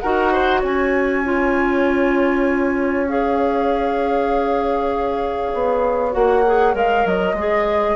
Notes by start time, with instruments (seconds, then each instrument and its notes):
0.00 bassoon D#4, clarinet F#4, oboe A#4, flute F#5
0.33 oboe C5
0.60 bassoon C#4, oboe C#5, flute G#5
1.24 clarinet F4
3.07 clarinet G#4, flute F5
5.54 bassoon B3
6.12 bassoon A#3, clarinet F#4, flute F#5
6.47 clarinet G#4
6.73 bassoon G#3, clarinet A#4, flute F5
7.05 bassoon F#3, flute D#5
7.34 bassoon G#3, clarinet G#4